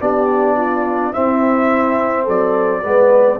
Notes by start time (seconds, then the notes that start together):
0.00 B3 D4 G4 D5
0.56 F4
1.13 C4 E4 E5
2.23 F#3 A4 D5
2.83 G#3 B3 B4